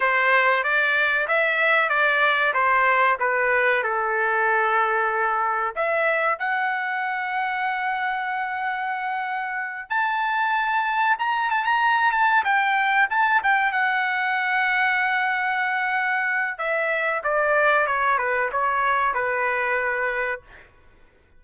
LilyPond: \new Staff \with { instrumentName = "trumpet" } { \time 4/4 \tempo 4 = 94 c''4 d''4 e''4 d''4 | c''4 b'4 a'2~ | a'4 e''4 fis''2~ | fis''2.~ fis''8 a''8~ |
a''4. ais''8 a''16 ais''8. a''8 g''8~ | g''8 a''8 g''8 fis''2~ fis''8~ | fis''2 e''4 d''4 | cis''8 b'8 cis''4 b'2 | }